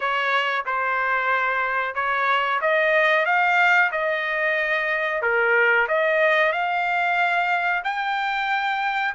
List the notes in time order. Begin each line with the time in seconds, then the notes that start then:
0.00 C#5
0.65 C5
1.94 C#5
2.61 D#5
3.25 F5
3.91 D#5
5.21 A#4
5.88 D#5
6.52 F5
7.83 G5